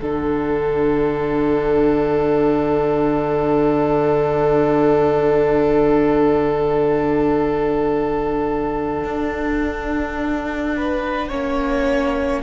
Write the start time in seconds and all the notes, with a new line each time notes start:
0.00 D3 D4 A4 F#5
9.04 D4
10.76 B4
11.29 A#3 C#4 C#5